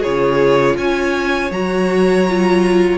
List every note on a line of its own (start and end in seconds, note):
0.00 0.77 C#3
0.00 1.52 F4
0.00 0.74 G#4
0.00 0.76 C#5
0.77 1.50 C#4
0.77 2.98 C#5
0.77 1.51 G#5
1.50 2.98 F#3
1.50 2.26 F#4
1.50 2.98 A#5
2.29 2.98 F4